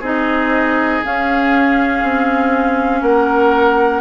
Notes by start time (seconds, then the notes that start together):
0.00 C4 D#4 G#4 D#5
1.05 C#4 F5
2.03 C4
3.02 A#3 A#4 F#5